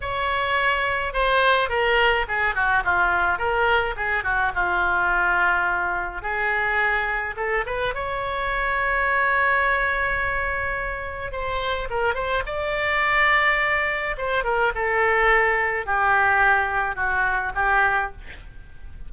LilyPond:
\new Staff \with { instrumentName = "oboe" } { \time 4/4 \tempo 4 = 106 cis''2 c''4 ais'4 | gis'8 fis'8 f'4 ais'4 gis'8 fis'8 | f'2. gis'4~ | gis'4 a'8 b'8 cis''2~ |
cis''1 | c''4 ais'8 c''8 d''2~ | d''4 c''8 ais'8 a'2 | g'2 fis'4 g'4 | }